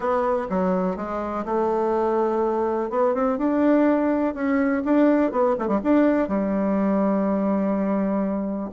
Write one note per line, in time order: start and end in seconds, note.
0.00 0.47 B3
0.49 0.96 F#3
0.96 1.45 G#3
1.45 2.90 A3
2.90 3.14 B3
3.14 3.38 C4
3.38 4.34 D4
4.34 4.82 C#4
4.85 5.31 D4
5.31 5.55 B3
5.58 5.67 A3
5.67 5.79 G3
5.83 6.28 D4
6.28 8.70 G3